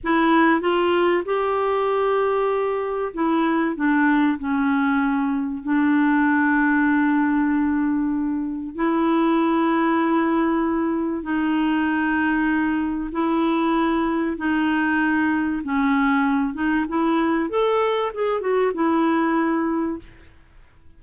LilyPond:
\new Staff \with { instrumentName = "clarinet" } { \time 4/4 \tempo 4 = 96 e'4 f'4 g'2~ | g'4 e'4 d'4 cis'4~ | cis'4 d'2.~ | d'2 e'2~ |
e'2 dis'2~ | dis'4 e'2 dis'4~ | dis'4 cis'4. dis'8 e'4 | a'4 gis'8 fis'8 e'2 | }